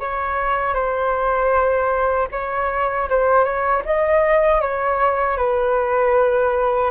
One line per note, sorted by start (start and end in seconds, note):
0.00 0.74 C#5
0.74 2.28 C5
2.31 3.08 C#5
3.09 3.44 C5
3.44 3.83 C#5
3.85 4.61 D#5
4.61 5.37 C#5
5.37 6.91 B4